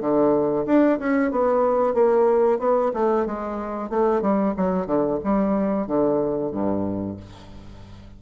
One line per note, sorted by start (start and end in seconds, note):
0.00 0.65 D3
0.66 0.98 D4
0.99 1.31 C#4
1.31 1.94 B3
1.94 2.59 A#3
2.59 2.91 B3
2.93 3.26 A3
3.26 3.90 G#3
3.90 4.21 A3
4.21 4.54 G3
4.57 4.86 F#3
4.86 5.19 D3
5.23 5.87 G3
5.87 6.51 D3
6.51 7.17 G2